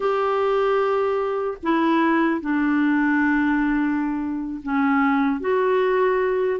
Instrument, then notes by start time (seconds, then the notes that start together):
clarinet
0.00 G4
1.62 E4
2.41 D4
4.63 C#4
5.40 F#4